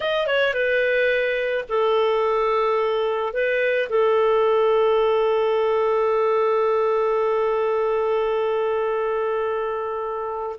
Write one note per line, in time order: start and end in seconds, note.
0.00 0.26 D#5
0.26 0.53 C#5
0.53 1.64 B4
1.68 3.33 A4
3.33 3.89 B4
3.89 10.56 A4